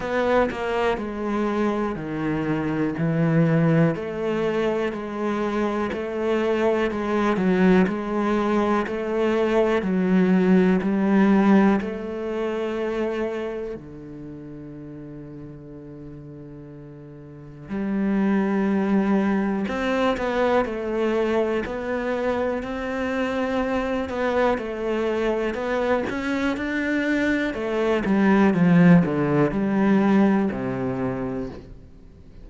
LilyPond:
\new Staff \with { instrumentName = "cello" } { \time 4/4 \tempo 4 = 61 b8 ais8 gis4 dis4 e4 | a4 gis4 a4 gis8 fis8 | gis4 a4 fis4 g4 | a2 d2~ |
d2 g2 | c'8 b8 a4 b4 c'4~ | c'8 b8 a4 b8 cis'8 d'4 | a8 g8 f8 d8 g4 c4 | }